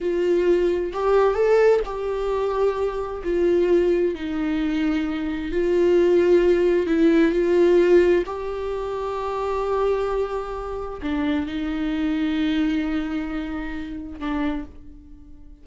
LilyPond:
\new Staff \with { instrumentName = "viola" } { \time 4/4 \tempo 4 = 131 f'2 g'4 a'4 | g'2. f'4~ | f'4 dis'2. | f'2. e'4 |
f'2 g'2~ | g'1 | d'4 dis'2.~ | dis'2. d'4 | }